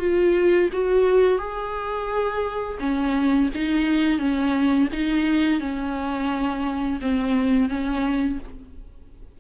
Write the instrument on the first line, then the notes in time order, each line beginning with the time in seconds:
viola
0.00 F4
0.73 F#4
1.39 G#4
2.80 C#4
3.55 D#4
4.19 C#4
4.93 D#4
5.61 C#4
7.02 C4
7.69 C#4